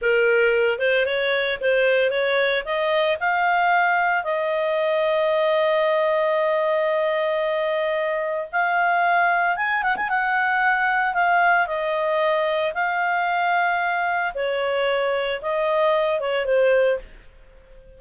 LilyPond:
\new Staff \with { instrumentName = "clarinet" } { \time 4/4 \tempo 4 = 113 ais'4. c''8 cis''4 c''4 | cis''4 dis''4 f''2 | dis''1~ | dis''1 |
f''2 gis''8 fis''16 gis''16 fis''4~ | fis''4 f''4 dis''2 | f''2. cis''4~ | cis''4 dis''4. cis''8 c''4 | }